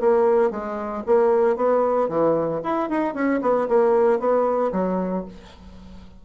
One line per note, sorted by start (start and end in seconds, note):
0.00 0.50 A#3
0.50 1.03 G#3
1.06 1.56 A#3
1.56 2.08 B3
2.08 2.61 E3
2.63 2.89 E4
2.89 3.14 D#4
3.14 3.40 C#4
3.41 3.67 B3
3.68 4.19 A#3
4.19 4.72 B3
4.72 5.25 F#3